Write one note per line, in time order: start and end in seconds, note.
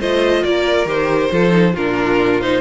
0.00 0.44 A3
0.00 0.87 F4
0.00 0.44 C5
0.00 0.44 D#5
0.44 0.85 A#3
0.44 1.32 A#4
0.44 0.88 D5
0.85 1.29 D#3
0.85 1.31 G4
0.85 1.76 C5
1.32 1.75 F3
1.32 1.50 F4
1.32 1.74 A4
1.50 1.72 D#4
1.74 2.61 A#2
1.74 2.42 D4
1.74 2.61 F4
1.74 2.41 A#4
2.41 2.61 D#4
2.41 2.61 C5